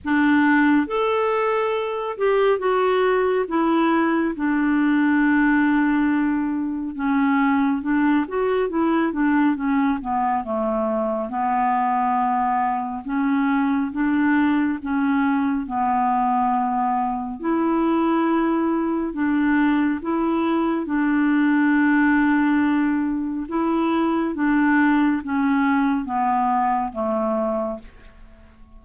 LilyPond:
\new Staff \with { instrumentName = "clarinet" } { \time 4/4 \tempo 4 = 69 d'4 a'4. g'8 fis'4 | e'4 d'2. | cis'4 d'8 fis'8 e'8 d'8 cis'8 b8 | a4 b2 cis'4 |
d'4 cis'4 b2 | e'2 d'4 e'4 | d'2. e'4 | d'4 cis'4 b4 a4 | }